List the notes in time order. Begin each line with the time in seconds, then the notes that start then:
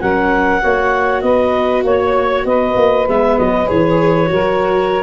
0.00 F#3 C#4 A#4 F#5
0.61 A#3 F#4 C#5
1.21 B3 B4 D#5
1.84 A#3 C#5
2.45 B3 B4 D#5
2.76 A#3
3.08 G#3 B3 E5
3.38 F#3 D#5
3.65 E3 G#4 C#5
4.26 F#3 F#4 A#4